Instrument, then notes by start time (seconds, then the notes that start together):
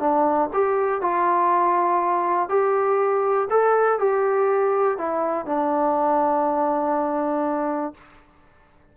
trombone
0.00 D4
0.54 G4
1.02 F4
2.50 G4
3.51 A4
3.99 G4
4.98 E4
5.46 D4